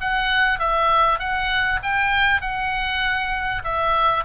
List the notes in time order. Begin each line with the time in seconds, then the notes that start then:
0.00 F#5
0.59 E5
1.19 F#5
1.83 G5
2.41 F#5
3.64 E5